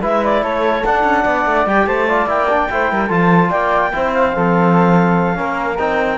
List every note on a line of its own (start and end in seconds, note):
0.00 0.42 G#3
0.00 0.84 E4
0.00 0.41 B4
0.00 0.24 E5
0.25 0.44 D5
0.42 0.83 A3
0.42 1.23 A4
0.42 0.85 C#5
0.85 1.04 D4
0.85 1.66 D4
0.85 1.66 F#5
1.04 1.24 C#4
1.23 1.46 B3
1.23 1.85 D5
1.46 1.66 A3
1.66 1.86 G3
1.66 2.07 G4
1.66 1.86 G5
1.86 2.26 A3
1.86 2.07 C5
1.86 2.27 A5
2.07 2.27 F4
2.07 2.69 D5
2.26 2.67 A#3
2.26 2.48 E4
2.26 3.10 G5
2.49 2.70 D4
2.70 2.91 A3
2.70 3.09 E4
2.70 2.91 C5
2.91 3.10 G3
2.91 3.07 A#4
3.07 3.50 F3
3.07 3.91 F4
3.07 3.48 A4
3.07 3.50 A5
3.50 3.91 A#3
3.50 3.91 D5
3.50 4.12 G5
3.92 4.36 C4
3.92 4.33 E4
3.92 4.36 C5
4.13 5.78 F5
4.33 5.39 F3
4.33 5.34 C4
4.33 5.38 A4
5.34 5.79 A#3
5.34 5.75 C#4
5.34 6.17 A#4
5.78 6.17 C4
5.78 6.17 D#4
5.78 6.17 G5